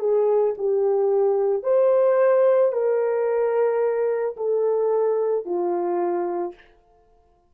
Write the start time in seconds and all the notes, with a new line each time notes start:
0.00 G#4
0.58 G4
1.63 C5
2.73 A#4
4.37 A4
5.45 F4